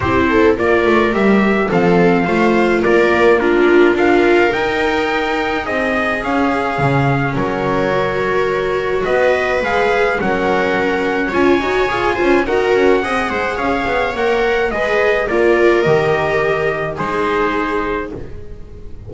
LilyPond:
<<
  \new Staff \with { instrumentName = "trumpet" } { \time 4/4 \tempo 4 = 106 c''4 d''4 e''4 f''4~ | f''4 d''4 ais'4 f''4 | g''2 dis''4 f''4~ | f''4 cis''2. |
dis''4 f''4 fis''2 | gis''2 fis''2 | f''4 fis''4 dis''4 d''4 | dis''2 c''2 | }
  \new Staff \with { instrumentName = "viola" } { \time 4/4 g'8 a'8 ais'2 a'4 | c''4 ais'4 f'4 ais'4~ | ais'2 gis'2~ | gis'4 ais'2. |
b'2 ais'2 | cis''4. c''8 ais'4 dis''8 c''8 | cis''2 b'4 ais'4~ | ais'2 gis'2 | }
  \new Staff \with { instrumentName = "viola" } { \time 4/4 e'4 f'4 g'4 c'4 | f'2 d'4 f'4 | dis'2. cis'4~ | cis'2 fis'2~ |
fis'4 gis'4 cis'2 | f'8 fis'8 gis'8 f'8 fis'4 gis'4~ | gis'4 ais'4 gis'4 f'4 | g'2 dis'2 | }
  \new Staff \with { instrumentName = "double bass" } { \time 4/4 c'4 ais8 a8 g4 f4 | a4 ais2 d'4 | dis'2 c'4 cis'4 | cis4 fis2. |
b4 gis4 fis2 | cis'8 dis'8 f'8 cis'8 dis'8 cis'8 c'8 gis8 | cis'8 b8 ais4 gis4 ais4 | dis2 gis2 | }
>>